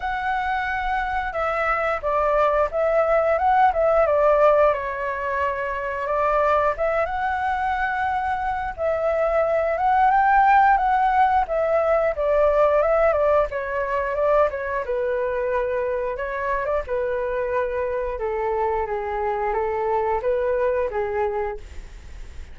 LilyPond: \new Staff \with { instrumentName = "flute" } { \time 4/4 \tempo 4 = 89 fis''2 e''4 d''4 | e''4 fis''8 e''8 d''4 cis''4~ | cis''4 d''4 e''8 fis''4.~ | fis''4 e''4. fis''8 g''4 |
fis''4 e''4 d''4 e''8 d''8 | cis''4 d''8 cis''8 b'2 | cis''8. d''16 b'2 a'4 | gis'4 a'4 b'4 gis'4 | }